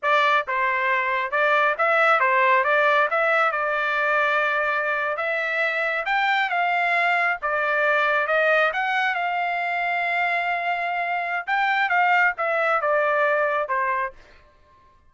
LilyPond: \new Staff \with { instrumentName = "trumpet" } { \time 4/4 \tempo 4 = 136 d''4 c''2 d''4 | e''4 c''4 d''4 e''4 | d''2.~ d''8. e''16~ | e''4.~ e''16 g''4 f''4~ f''16~ |
f''8. d''2 dis''4 fis''16~ | fis''8. f''2.~ f''16~ | f''2 g''4 f''4 | e''4 d''2 c''4 | }